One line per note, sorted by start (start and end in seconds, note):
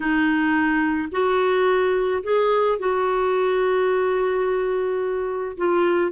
0.00 1.08 D#4
1.11 2.22 F#4
2.23 2.78 G#4
2.79 5.56 F#4
5.57 6.11 F4